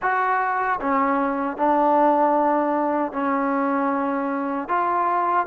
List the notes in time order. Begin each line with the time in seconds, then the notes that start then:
0.01 F#4
0.80 C#4
1.57 D4
3.12 C#4
4.68 F4